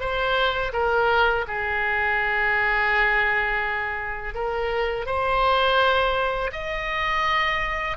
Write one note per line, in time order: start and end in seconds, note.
0.00 0.72 C5
0.73 1.45 A#4
1.48 4.34 G#4
4.34 5.06 A#4
5.06 6.51 C5
6.53 7.97 D#5